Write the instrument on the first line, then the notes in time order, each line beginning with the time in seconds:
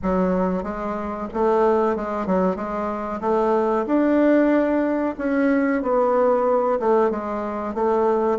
bassoon
0.02 F#3
0.63 G#3
1.33 A3
1.95 G#3
2.26 F#3
2.56 G#3
3.21 A3
3.86 D4
5.18 C#4
5.82 B3
6.79 A3
7.10 G#3
7.74 A3